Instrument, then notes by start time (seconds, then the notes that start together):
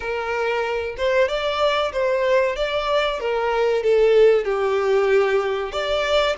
violin
0.00 A#4
0.97 C5
1.28 D5
1.92 C5
2.56 D5
3.19 A#4
3.83 A4
4.44 G4
5.72 D5